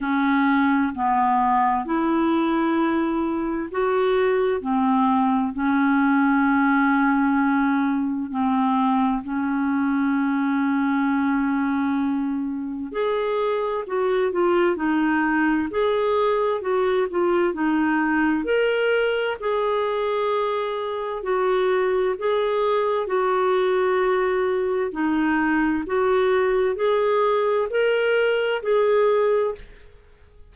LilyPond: \new Staff \with { instrumentName = "clarinet" } { \time 4/4 \tempo 4 = 65 cis'4 b4 e'2 | fis'4 c'4 cis'2~ | cis'4 c'4 cis'2~ | cis'2 gis'4 fis'8 f'8 |
dis'4 gis'4 fis'8 f'8 dis'4 | ais'4 gis'2 fis'4 | gis'4 fis'2 dis'4 | fis'4 gis'4 ais'4 gis'4 | }